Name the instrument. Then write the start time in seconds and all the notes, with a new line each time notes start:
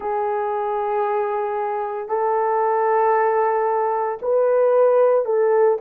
horn
0.00 G#4
2.08 A4
4.22 B4
5.25 A4